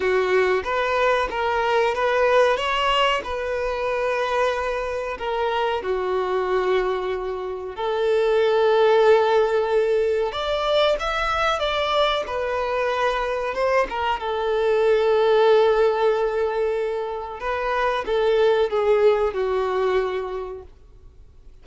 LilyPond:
\new Staff \with { instrumentName = "violin" } { \time 4/4 \tempo 4 = 93 fis'4 b'4 ais'4 b'4 | cis''4 b'2. | ais'4 fis'2. | a'1 |
d''4 e''4 d''4 b'4~ | b'4 c''8 ais'8 a'2~ | a'2. b'4 | a'4 gis'4 fis'2 | }